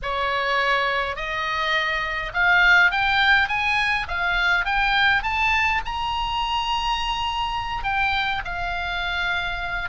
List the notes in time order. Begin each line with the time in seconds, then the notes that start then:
0.02 C#5
1.15 D#5
2.33 F5
2.91 G5
3.48 G#5
4.08 F5
4.65 G5
5.23 A5
5.85 A#5
7.83 G5
8.44 F5